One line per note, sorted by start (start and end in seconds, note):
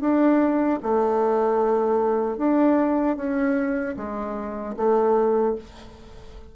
0.00 0.79 D4
0.82 2.37 A3
2.37 3.16 D4
3.17 3.95 C#4
3.96 4.75 G#3
4.76 5.55 A3